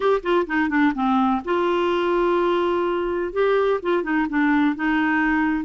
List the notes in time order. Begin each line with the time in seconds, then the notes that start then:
0.00 G4
0.23 F4
0.46 D#4
0.69 D4
0.94 C4
1.45 F4
3.33 G4
3.82 F4
4.03 D#4
4.29 D4
4.75 D#4